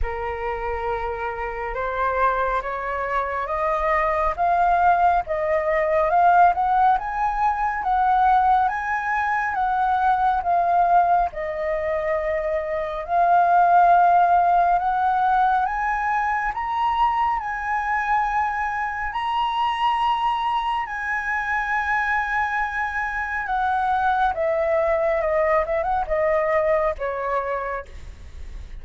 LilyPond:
\new Staff \with { instrumentName = "flute" } { \time 4/4 \tempo 4 = 69 ais'2 c''4 cis''4 | dis''4 f''4 dis''4 f''8 fis''8 | gis''4 fis''4 gis''4 fis''4 | f''4 dis''2 f''4~ |
f''4 fis''4 gis''4 ais''4 | gis''2 ais''2 | gis''2. fis''4 | e''4 dis''8 e''16 fis''16 dis''4 cis''4 | }